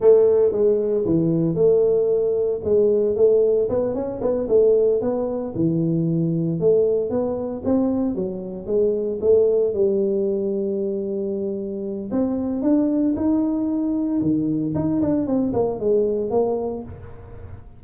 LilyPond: \new Staff \with { instrumentName = "tuba" } { \time 4/4 \tempo 4 = 114 a4 gis4 e4 a4~ | a4 gis4 a4 b8 cis'8 | b8 a4 b4 e4.~ | e8 a4 b4 c'4 fis8~ |
fis8 gis4 a4 g4.~ | g2. c'4 | d'4 dis'2 dis4 | dis'8 d'8 c'8 ais8 gis4 ais4 | }